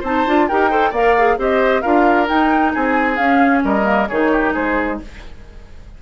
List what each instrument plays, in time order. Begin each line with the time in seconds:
0.00 bassoon C4, clarinet D#4, oboe C5, flute A5
0.26 bassoon D4, clarinet F4
0.47 bassoon D#4, clarinet G4, oboe A#4, flute G5
0.70 clarinet A4, oboe C5
0.89 bassoon A#3, clarinet A#4, oboe D5, flute F5
1.17 clarinet G#4
1.37 bassoon C4, clarinet G4, oboe C5, flute D#5
1.81 bassoon D4, clarinet F4, oboe A#4, flute F5
2.27 clarinet D#4, bassoon D#4, flute G5
2.73 bassoon C4, oboe G#4, flute G#5
3.16 bassoon C#4, clarinet C#4, flute F5
3.64 bassoon G3, oboe A#4, flute D#5
3.82 clarinet A#3
4.08 bassoon D#3, clarinet D#4, oboe G#4, flute C#5
4.32 oboe G4
4.53 bassoon G#3, oboe G#4, flute C5